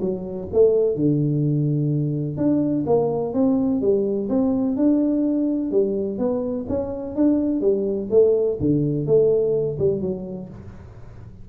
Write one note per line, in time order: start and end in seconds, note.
0.00 0.48 F#3
0.52 0.95 A3
0.95 2.37 D3
2.37 2.84 D4
2.86 3.33 A#3
3.33 3.81 C4
3.81 4.28 G3
4.29 4.76 C4
4.76 5.71 D4
5.71 6.18 G3
6.18 6.66 B3
6.69 7.15 C#4
7.15 7.60 D4
7.60 8.08 G3
8.10 8.58 A3
8.60 9.06 D3
9.06 9.77 A3
9.79 10.01 G3
10.01 10.48 F#3